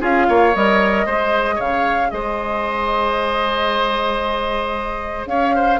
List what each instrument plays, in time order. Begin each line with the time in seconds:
0.00 bassoon C#4, clarinet F4, oboe G#4, flute F5
0.28 bassoon A#3, oboe C#5
0.55 bassoon G3, clarinet A#4, flute D#5
1.06 bassoon G#3, clarinet G#4, oboe C5
1.55 bassoon C#3, oboe C#5, flute F5
2.10 bassoon G#3, oboe C5, flute D#5
5.26 bassoon C#4, oboe C#5, flute F5
5.55 oboe C5